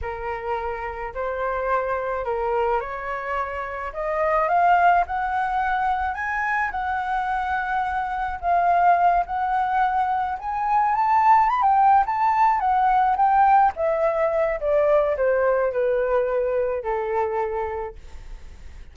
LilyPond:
\new Staff \with { instrumentName = "flute" } { \time 4/4 \tempo 4 = 107 ais'2 c''2 | ais'4 cis''2 dis''4 | f''4 fis''2 gis''4 | fis''2. f''4~ |
f''8 fis''2 gis''4 a''8~ | a''8 b''16 g''8. a''4 fis''4 g''8~ | g''8 e''4. d''4 c''4 | b'2 a'2 | }